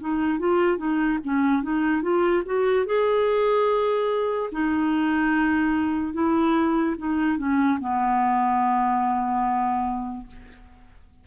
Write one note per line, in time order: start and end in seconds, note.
0.00 0.39 D#4
0.39 0.77 F4
0.77 1.18 D#4
1.24 1.62 C#4
1.62 2.02 D#4
2.02 2.43 F4
2.45 2.85 F#4
2.85 4.50 G#4
4.52 6.13 D#4
6.13 6.95 E4
6.97 7.37 D#4
7.37 7.79 C#4
7.80 10.27 B3